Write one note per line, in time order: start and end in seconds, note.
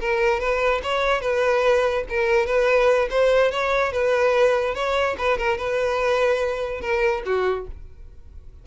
0.00 0.40 A#4
0.40 0.81 B4
0.83 1.21 C#5
1.21 2.04 B4
2.09 2.46 A#4
2.46 3.08 B4
3.10 3.52 C5
3.52 3.92 C#5
3.92 4.75 B4
4.75 5.16 C#5
5.18 5.38 B4
5.38 5.57 A#4
5.57 6.81 B4
6.81 7.22 A#4
7.25 7.67 F#4